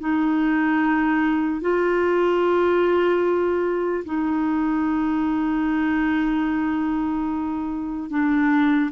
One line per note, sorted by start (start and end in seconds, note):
0.00 1.61 D#4
1.61 4.04 F4
4.05 8.10 D#4
8.10 8.91 D4